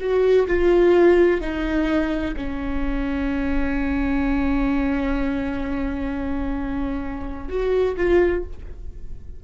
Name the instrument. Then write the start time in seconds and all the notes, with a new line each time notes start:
viola
0.00 F#4
0.47 F4
1.41 D#4
2.37 C#4
7.49 F#4
7.97 F4